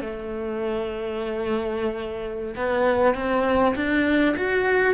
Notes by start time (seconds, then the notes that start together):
0.00 A3
2.56 B3
3.15 C4
3.76 D4
4.36 F#4